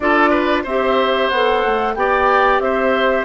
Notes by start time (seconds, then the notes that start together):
0.00 D4 F4 A4 D5
0.30 B4
0.63 C4 G4 C5 E5
1.28 B3 A4 F#5
1.65 A3
1.94 B3 G4 D5 G5
2.59 C4 C5 E5